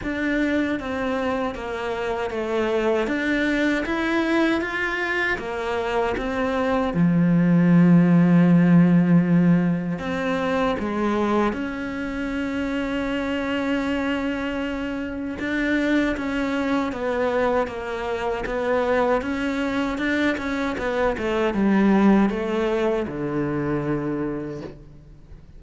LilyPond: \new Staff \with { instrumentName = "cello" } { \time 4/4 \tempo 4 = 78 d'4 c'4 ais4 a4 | d'4 e'4 f'4 ais4 | c'4 f2.~ | f4 c'4 gis4 cis'4~ |
cis'1 | d'4 cis'4 b4 ais4 | b4 cis'4 d'8 cis'8 b8 a8 | g4 a4 d2 | }